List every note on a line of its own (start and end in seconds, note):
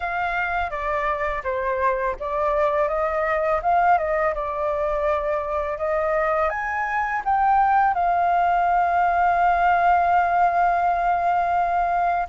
0.00 0.70 F5
0.70 1.42 D5
1.43 2.16 C5
2.19 2.88 D5
2.88 3.60 D#5
3.62 3.98 F5
3.98 4.34 D#5
4.34 5.78 D5
5.78 6.49 D#5
6.49 7.22 G#5
7.25 7.94 G5
7.94 12.27 F5